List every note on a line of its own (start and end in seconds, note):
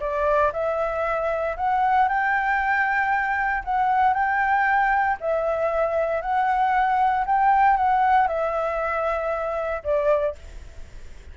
0.00 0.52 D5
0.53 1.56 E5
1.57 2.08 F#5
2.08 3.63 G5
3.65 4.14 F#5
4.14 5.17 G5
5.20 6.22 E5
6.22 7.25 F#5
7.26 7.77 G5
7.77 8.28 F#5
8.28 9.83 E5
9.83 10.35 D5